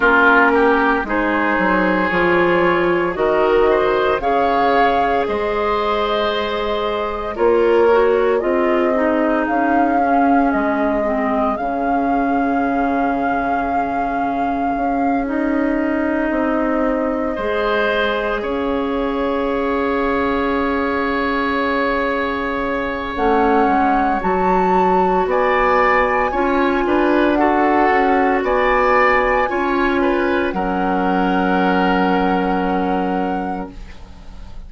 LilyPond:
<<
  \new Staff \with { instrumentName = "flute" } { \time 4/4 \tempo 4 = 57 ais'4 c''4 cis''4 dis''4 | f''4 dis''2 cis''4 | dis''4 f''4 dis''4 f''4~ | f''2~ f''8 dis''4.~ |
dis''4. f''2~ f''8~ | f''2 fis''4 a''4 | gis''2 fis''4 gis''4~ | gis''4 fis''2. | }
  \new Staff \with { instrumentName = "oboe" } { \time 4/4 f'8 g'8 gis'2 ais'8 c''8 | cis''4 c''2 ais'4 | gis'1~ | gis'1~ |
gis'8 c''4 cis''2~ cis''8~ | cis''1 | d''4 cis''8 b'8 a'4 d''4 | cis''8 b'8 ais'2. | }
  \new Staff \with { instrumentName = "clarinet" } { \time 4/4 cis'4 dis'4 f'4 fis'4 | gis'2. f'8 fis'8 | f'8 dis'4 cis'4 c'8 cis'4~ | cis'2~ cis'8 dis'4.~ |
dis'8 gis'2.~ gis'8~ | gis'2 cis'4 fis'4~ | fis'4 f'4 fis'2 | f'4 cis'2. | }
  \new Staff \with { instrumentName = "bassoon" } { \time 4/4 ais4 gis8 fis8 f4 dis4 | cis4 gis2 ais4 | c'4 cis'4 gis4 cis4~ | cis2 cis'4. c'8~ |
c'8 gis4 cis'2~ cis'8~ | cis'2 a8 gis8 fis4 | b4 cis'8 d'4 cis'8 b4 | cis'4 fis2. | }
>>